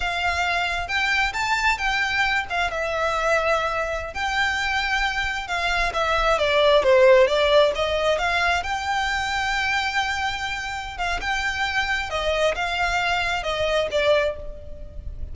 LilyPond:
\new Staff \with { instrumentName = "violin" } { \time 4/4 \tempo 4 = 134 f''2 g''4 a''4 | g''4. f''8 e''2~ | e''4~ e''16 g''2~ g''8.~ | g''16 f''4 e''4 d''4 c''8.~ |
c''16 d''4 dis''4 f''4 g''8.~ | g''1~ | g''8 f''8 g''2 dis''4 | f''2 dis''4 d''4 | }